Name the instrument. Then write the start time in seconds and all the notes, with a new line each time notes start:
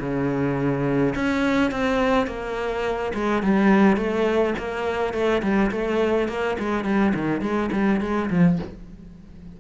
cello
0.00 C#3
1.16 C#4
1.71 C4
2.27 A#3
3.14 G#3
3.42 G3
3.97 A3
4.59 A#3
5.14 A3
5.43 G3
5.71 A3
6.29 A#3
6.59 G#3
6.85 G3
7.15 D#3
7.42 G#3
7.72 G3
8.01 G#3
8.30 F3